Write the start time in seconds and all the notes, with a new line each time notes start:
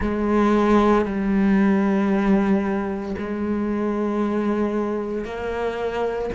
0.00 G#3
1.05 G3
3.18 G#3
5.24 A#3